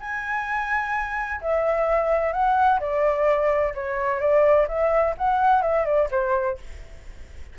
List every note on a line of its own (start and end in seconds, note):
0.00 1.41 G#5
1.41 2.33 E5
2.33 2.80 F#5
2.80 3.74 D5
3.74 4.20 C#5
4.20 4.67 D5
4.68 5.15 E5
5.18 5.62 F#5
5.62 5.85 E5
5.85 6.09 D5
6.11 6.58 C5